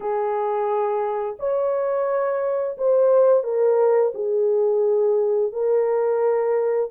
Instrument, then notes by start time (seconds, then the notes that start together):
horn
0.00 G#4
1.39 C#5
2.77 C5
3.43 A#4
4.14 G#4
5.52 A#4